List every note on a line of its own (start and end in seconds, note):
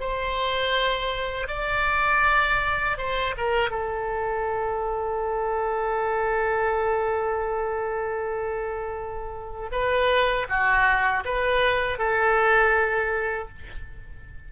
0.00 1.47 C5
1.47 2.97 D5
2.97 3.35 C5
3.37 3.70 A#4
3.70 9.70 A4
9.72 10.47 B4
10.49 11.24 F#4
11.25 11.98 B4
11.98 13.48 A4